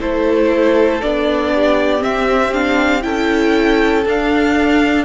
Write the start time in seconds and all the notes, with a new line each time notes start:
0.00 A3 E4 A4 C5
1.02 B3 D4 D5
1.55 G4
1.99 C4 E5
2.54 D4 F5
3.02 C#4 E4 A4 G5
4.06 D4 F5